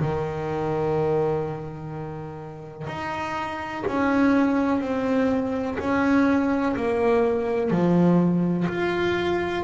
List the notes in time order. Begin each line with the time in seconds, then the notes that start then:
0.00 D#3
2.88 D#4
3.88 C#4
4.82 C4
5.79 C#4
6.77 A#3
7.71 F3
8.69 F4